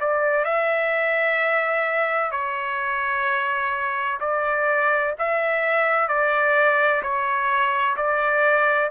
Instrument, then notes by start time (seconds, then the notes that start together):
trumpet
0.00 D5
0.44 E5
2.31 C#5
4.20 D5
5.18 E5
6.08 D5
7.02 C#5
7.96 D5